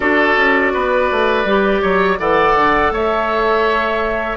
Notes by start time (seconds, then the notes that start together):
0.00 D4 F#4 A4 D5
0.36 C#4
0.73 B3 B4
1.11 A3
1.44 G3 G4
1.81 F#3 C#5
2.18 E3 A4 D5 F#5
2.55 D3
2.91 A3 C#5 E5